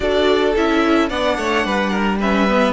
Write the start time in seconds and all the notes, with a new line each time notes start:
0.00 D4 F#4 A4 D5
0.56 C#4 E4 E5
1.09 B3 D4 D5 F#5
1.37 A3 C#5
1.65 G3 B4
1.90 A#4
2.19 C#4 B4 E5
2.48 B3